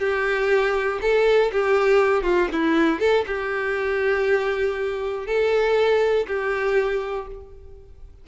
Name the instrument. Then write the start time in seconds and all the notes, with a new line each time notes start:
violin
0.00 G4
1.02 A4
1.53 G4
2.24 F4
2.53 E4
3.00 A4
3.27 G4
5.27 A4
6.28 G4